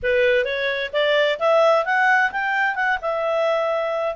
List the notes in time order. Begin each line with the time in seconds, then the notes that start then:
0.03 B4
0.44 C#5
0.92 D5
1.39 E5
1.85 F#5
2.31 G5
2.75 F#5
3.01 E5